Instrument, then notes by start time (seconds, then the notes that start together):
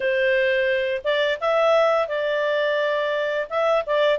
clarinet
0.00 C5
1.04 D5
1.40 E5
2.07 D5
3.49 E5
3.86 D5